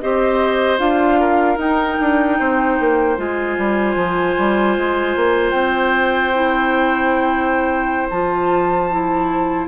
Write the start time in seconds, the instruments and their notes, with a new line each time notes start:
0.00 bassoon C4, clarinet G4, oboe C5, flute D#5
0.78 bassoon D4, clarinet F4, flute F5
1.20 oboe A#4
1.57 bassoon D#4, clarinet D#4, flute G5
2.01 bassoon D4
2.39 bassoon C4, oboe C5
2.80 bassoon A#3
3.17 bassoon G#3, clarinet F4, flute G#5
3.58 bassoon G3
3.96 bassoon F3
4.38 bassoon G3
4.77 bassoon G#3
5.16 bassoon A#3
5.51 bassoon C4, flute G5
6.35 clarinet E4
8.10 bassoon F3, clarinet F4, flute A5
8.91 clarinet E4